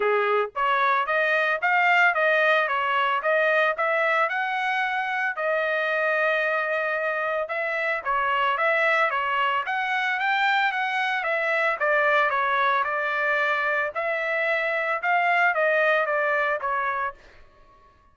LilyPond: \new Staff \with { instrumentName = "trumpet" } { \time 4/4 \tempo 4 = 112 gis'4 cis''4 dis''4 f''4 | dis''4 cis''4 dis''4 e''4 | fis''2 dis''2~ | dis''2 e''4 cis''4 |
e''4 cis''4 fis''4 g''4 | fis''4 e''4 d''4 cis''4 | d''2 e''2 | f''4 dis''4 d''4 cis''4 | }